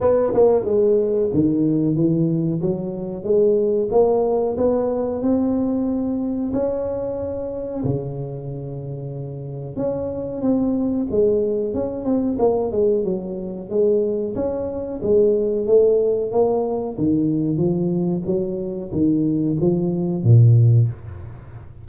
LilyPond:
\new Staff \with { instrumentName = "tuba" } { \time 4/4 \tempo 4 = 92 b8 ais8 gis4 dis4 e4 | fis4 gis4 ais4 b4 | c'2 cis'2 | cis2. cis'4 |
c'4 gis4 cis'8 c'8 ais8 gis8 | fis4 gis4 cis'4 gis4 | a4 ais4 dis4 f4 | fis4 dis4 f4 ais,4 | }